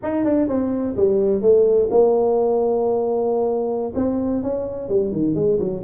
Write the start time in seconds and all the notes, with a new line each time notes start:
0.02 D#4
0.24 D4
0.48 C4
0.96 G3
1.41 A3
1.90 A#3
3.95 C4
4.42 C#4
4.88 G3
5.12 D#3
5.34 G#3
5.59 F#3